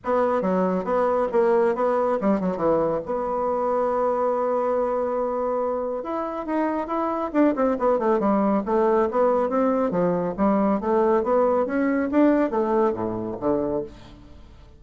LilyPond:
\new Staff \with { instrumentName = "bassoon" } { \time 4/4 \tempo 4 = 139 b4 fis4 b4 ais4 | b4 g8 fis8 e4 b4~ | b1~ | b2 e'4 dis'4 |
e'4 d'8 c'8 b8 a8 g4 | a4 b4 c'4 f4 | g4 a4 b4 cis'4 | d'4 a4 a,4 d4 | }